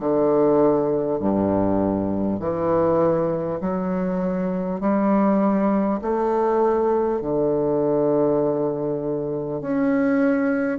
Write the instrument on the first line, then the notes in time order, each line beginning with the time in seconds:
bassoon
0.00 D3
1.19 G2
2.39 E3
3.61 F#3
4.81 G3
6.02 A3
7.21 D3
9.61 C#4